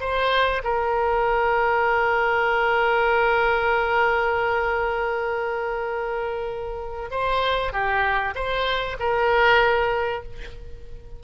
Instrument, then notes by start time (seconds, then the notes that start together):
oboe
0.00 C5
0.64 A#4
7.10 C5
7.72 G4
8.35 C5
8.99 A#4